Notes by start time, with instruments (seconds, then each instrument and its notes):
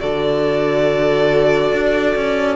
0.00 cello D3, viola F#4, violin A4 D5
1.72 cello D4
2.16 cello C#4